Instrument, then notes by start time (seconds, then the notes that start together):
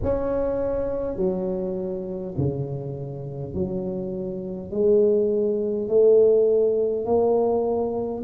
tuba
0.02 C#4
1.16 F#3
2.37 C#3
3.53 F#3
4.71 G#3
5.88 A3
7.05 A#3